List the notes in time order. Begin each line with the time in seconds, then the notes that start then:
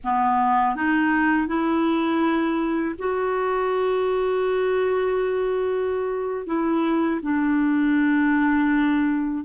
0.04 B3
0.75 D#4
1.47 E4
2.98 F#4
6.46 E4
7.22 D4